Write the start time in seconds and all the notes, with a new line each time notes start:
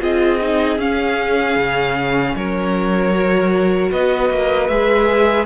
0.00 C4 F4 G#4 D#5
0.41 D#4
0.78 C#4 F5
1.56 C#3
2.35 F#3 A#4 C#5
3.15 F#4
3.91 B3 B4 D#5
4.30 A#3
4.68 G#3 G#4 E5